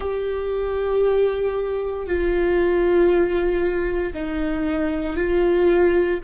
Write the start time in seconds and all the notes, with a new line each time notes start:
0.00 G4
2.06 F4
4.13 D#4
5.16 F4